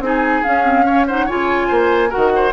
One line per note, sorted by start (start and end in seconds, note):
0.00 0.42 C4
0.00 0.44 D#4
0.00 0.86 G#4
0.00 0.43 G#5
0.43 0.64 C#4
0.43 1.28 C#4
0.43 1.06 F5
0.64 0.85 C4
0.86 1.07 C#4
0.86 1.07 C#5
1.07 1.29 D#4
1.07 1.26 C5
1.07 1.28 F#5
1.26 1.70 C#3
1.26 2.10 F4
1.26 1.68 C#5
1.26 2.12 G#5
1.68 2.12 A#3
1.68 2.09 C5
2.09 2.51 F#4
2.09 2.30 A#4
2.09 2.53 F#5
2.16 2.53 D#3
2.36 2.53 C5